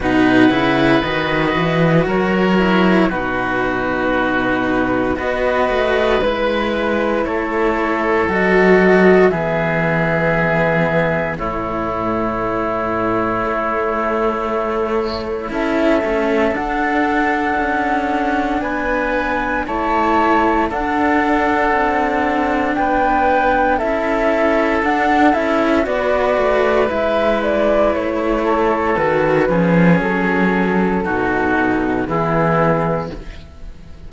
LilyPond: <<
  \new Staff \with { instrumentName = "flute" } { \time 4/4 \tempo 4 = 58 fis''4 dis''4 cis''4 b'4~ | b'4 dis''4 b'4 cis''4 | dis''4 e''2 cis''4~ | cis''2. e''4 |
fis''2 gis''4 a''4 | fis''2 g''4 e''4 | fis''8 e''8 d''4 e''8 d''8 cis''4 | b'4 a'2 gis'4 | }
  \new Staff \with { instrumentName = "oboe" } { \time 4/4 b'2 ais'4 fis'4~ | fis'4 b'2 a'4~ | a'4 gis'2 e'4~ | e'2. a'4~ |
a'2 b'4 cis''4 | a'2 b'4 a'4~ | a'4 b'2~ b'8 a'8~ | a'8 gis'4. fis'4 e'4 | }
  \new Staff \with { instrumentName = "cello" } { \time 4/4 dis'8 e'8 fis'4. e'8 dis'4~ | dis'4 fis'4 e'2 | fis'4 b2 a4~ | a2. e'8 cis'8 |
d'2. e'4 | d'2. e'4 | d'8 e'8 fis'4 e'2 | fis'8 cis'4. dis'4 b4 | }
  \new Staff \with { instrumentName = "cello" } { \time 4/4 b,8 cis8 dis8 e8 fis4 b,4~ | b,4 b8 a8 gis4 a4 | fis4 e2 a,4~ | a,4 a2 cis'8 a8 |
d'4 cis'4 b4 a4 | d'4 c'4 b4 cis'4 | d'8 cis'8 b8 a8 gis4 a4 | dis8 f8 fis4 b,4 e4 | }
>>